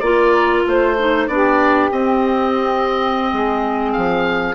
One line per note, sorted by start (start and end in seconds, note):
0.00 0.64 A#3
0.00 0.97 F4
0.00 0.68 A#4
0.00 0.62 D5
0.67 1.28 A3
0.67 1.28 C5
0.67 1.32 C5
0.99 1.29 D#4
1.28 1.91 B3
1.28 1.91 D4
1.28 3.32 G4
1.28 1.90 D5
1.92 3.32 C4
1.92 4.55 C4
1.92 3.93 D#5
3.32 3.96 G#3
3.32 4.55 G#4
3.93 4.55 F3
3.93 4.55 F5